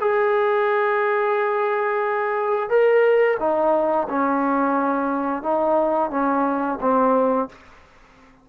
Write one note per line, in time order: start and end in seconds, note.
0.00 2.69 G#4
2.69 3.37 A#4
3.39 4.07 D#4
4.08 5.42 C#4
5.42 6.10 D#4
6.10 6.78 C#4
6.80 7.48 C4